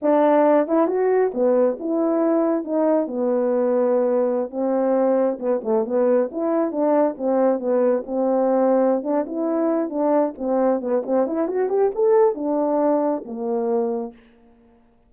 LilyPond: \new Staff \with { instrumentName = "horn" } { \time 4/4 \tempo 4 = 136 d'4. e'8 fis'4 b4 | e'2 dis'4 b4~ | b2~ b16 c'4.~ c'16~ | c'16 b8 a8 b4 e'4 d'8.~ |
d'16 c'4 b4 c'4.~ c'16~ | c'8 d'8 e'4. d'4 c'8~ | c'8 b8 c'8 e'8 fis'8 g'8 a'4 | d'2 ais2 | }